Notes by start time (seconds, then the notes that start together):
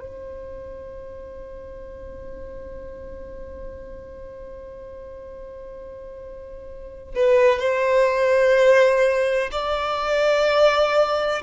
0.00 C5
7.15 B4
7.59 C5
9.52 D5